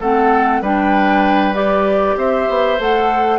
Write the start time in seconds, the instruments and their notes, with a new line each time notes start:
0.00 bassoon A3, clarinet C4, oboe A4, flute F#5
0.61 bassoon G3, clarinet D4, oboe B4, flute G5
1.54 clarinet G4, flute D5
2.16 bassoon C4, oboe C5, flute E5
2.49 bassoon B3
2.78 bassoon A3, clarinet A4, flute F#5